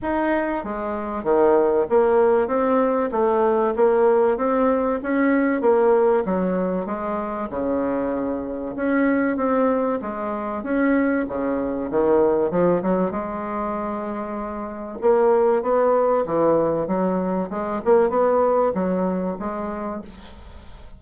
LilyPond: \new Staff \with { instrumentName = "bassoon" } { \time 4/4 \tempo 4 = 96 dis'4 gis4 dis4 ais4 | c'4 a4 ais4 c'4 | cis'4 ais4 fis4 gis4 | cis2 cis'4 c'4 |
gis4 cis'4 cis4 dis4 | f8 fis8 gis2. | ais4 b4 e4 fis4 | gis8 ais8 b4 fis4 gis4 | }